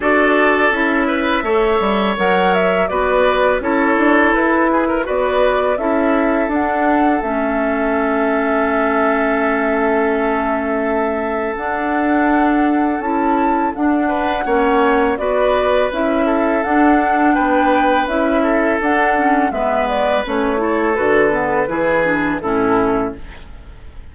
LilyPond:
<<
  \new Staff \with { instrumentName = "flute" } { \time 4/4 \tempo 4 = 83 d''4 e''2 fis''8 e''8 | d''4 cis''4 b'4 d''4 | e''4 fis''4 e''2~ | e''1 |
fis''2 a''4 fis''4~ | fis''4 d''4 e''4 fis''4 | g''4 e''4 fis''4 e''8 d''8 | cis''4 b'2 a'4 | }
  \new Staff \with { instrumentName = "oboe" } { \time 4/4 a'4. b'8 cis''2 | b'4 a'4. gis'16 ais'16 b'4 | a'1~ | a'1~ |
a'2.~ a'8 b'8 | cis''4 b'4. a'4. | b'4. a'4. b'4~ | b'8 a'4. gis'4 e'4 | }
  \new Staff \with { instrumentName = "clarinet" } { \time 4/4 fis'4 e'4 a'4 ais'4 | fis'4 e'2 fis'4 | e'4 d'4 cis'2~ | cis'1 |
d'2 e'4 d'4 | cis'4 fis'4 e'4 d'4~ | d'4 e'4 d'8 cis'8 b4 | cis'8 e'8 fis'8 b8 e'8 d'8 cis'4 | }
  \new Staff \with { instrumentName = "bassoon" } { \time 4/4 d'4 cis'4 a8 g8 fis4 | b4 cis'8 d'8 e'4 b4 | cis'4 d'4 a2~ | a1 |
d'2 cis'4 d'4 | ais4 b4 cis'4 d'4 | b4 cis'4 d'4 gis4 | a4 d4 e4 a,4 | }
>>